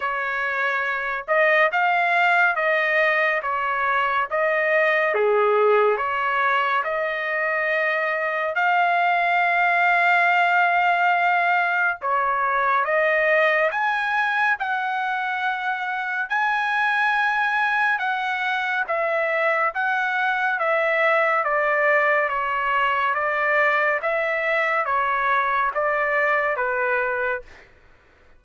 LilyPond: \new Staff \with { instrumentName = "trumpet" } { \time 4/4 \tempo 4 = 70 cis''4. dis''8 f''4 dis''4 | cis''4 dis''4 gis'4 cis''4 | dis''2 f''2~ | f''2 cis''4 dis''4 |
gis''4 fis''2 gis''4~ | gis''4 fis''4 e''4 fis''4 | e''4 d''4 cis''4 d''4 | e''4 cis''4 d''4 b'4 | }